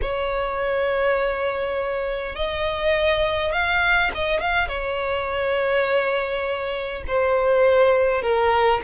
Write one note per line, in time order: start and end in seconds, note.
0.01 2.35 C#5
2.35 3.52 D#5
3.52 4.11 F5
4.14 4.40 D#5
4.40 4.67 F5
4.67 7.03 C#5
7.06 8.21 C5
8.21 8.80 A#4